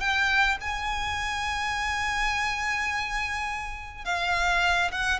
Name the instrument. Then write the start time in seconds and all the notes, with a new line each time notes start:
violin
0.00 G5
0.61 G#5
4.05 F5
4.92 F#5